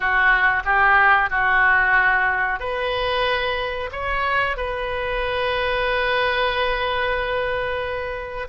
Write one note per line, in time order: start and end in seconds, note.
0.00 0.63 F#4
0.65 1.30 G4
1.30 2.59 F#4
2.59 3.90 B4
3.91 4.56 C#5
4.56 8.48 B4